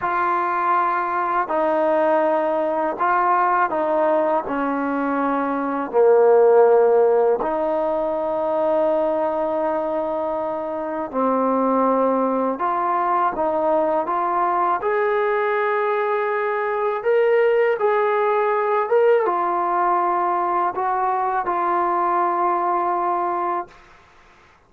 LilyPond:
\new Staff \with { instrumentName = "trombone" } { \time 4/4 \tempo 4 = 81 f'2 dis'2 | f'4 dis'4 cis'2 | ais2 dis'2~ | dis'2. c'4~ |
c'4 f'4 dis'4 f'4 | gis'2. ais'4 | gis'4. ais'8 f'2 | fis'4 f'2. | }